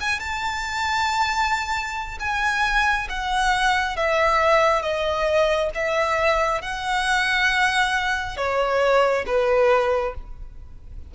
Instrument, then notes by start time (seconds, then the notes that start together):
violin
0.00 G#5
0.19 A5
2.19 G#5
3.09 F#5
3.96 E5
4.82 D#5
5.74 E5
6.61 F#5
8.36 C#5
9.26 B4